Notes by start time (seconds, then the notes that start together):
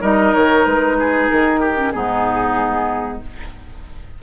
0.00 G3 D#4 A#4 D#5
0.34 D#3 C#5
0.65 G#3 B4
0.99 G#4
1.29 D#3 A#4
1.60 G4
1.76 C#4
1.91 G#2 B3 D#4 G#4